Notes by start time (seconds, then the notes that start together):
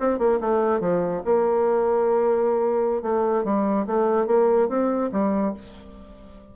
0.00 C4
0.19 A#3
0.41 A3
0.80 F3
1.25 A#3
3.02 A3
3.44 G3
3.87 A3
4.27 A#3
4.69 C4
5.12 G3